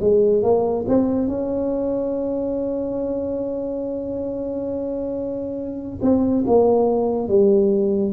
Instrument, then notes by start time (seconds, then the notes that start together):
tuba
0.00 G#3
0.42 A#3
0.88 C4
1.28 C#4
6.02 C4
6.46 A#3
7.28 G3